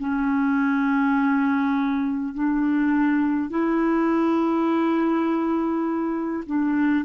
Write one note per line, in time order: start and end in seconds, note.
0.00 2.35 C#4
2.35 3.50 D4
3.50 6.44 E4
6.47 7.05 D4